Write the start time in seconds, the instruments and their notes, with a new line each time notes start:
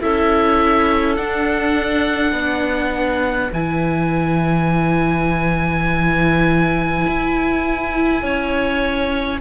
0.00 cello C#4, viola E4, clarinet A4, oboe E5
1.16 viola D4, cello D4, oboe F#5
2.32 cello B3, clarinet B4
3.53 cello E3, viola E4, oboe G#5
7.07 cello E4
8.22 cello C#4, clarinet C#5